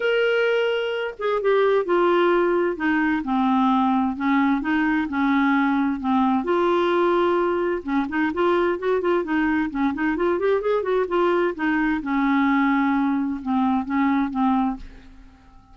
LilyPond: \new Staff \with { instrumentName = "clarinet" } { \time 4/4 \tempo 4 = 130 ais'2~ ais'8 gis'8 g'4 | f'2 dis'4 c'4~ | c'4 cis'4 dis'4 cis'4~ | cis'4 c'4 f'2~ |
f'4 cis'8 dis'8 f'4 fis'8 f'8 | dis'4 cis'8 dis'8 f'8 g'8 gis'8 fis'8 | f'4 dis'4 cis'2~ | cis'4 c'4 cis'4 c'4 | }